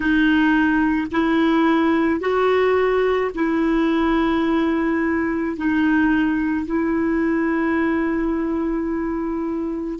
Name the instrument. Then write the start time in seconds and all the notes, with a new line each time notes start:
clarinet
0.00 D#4
1.11 E4
2.20 F#4
3.34 E4
5.56 D#4
6.66 E4